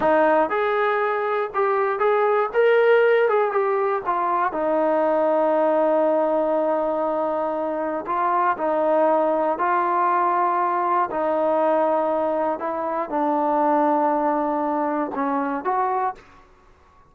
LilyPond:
\new Staff \with { instrumentName = "trombone" } { \time 4/4 \tempo 4 = 119 dis'4 gis'2 g'4 | gis'4 ais'4. gis'8 g'4 | f'4 dis'2.~ | dis'1 |
f'4 dis'2 f'4~ | f'2 dis'2~ | dis'4 e'4 d'2~ | d'2 cis'4 fis'4 | }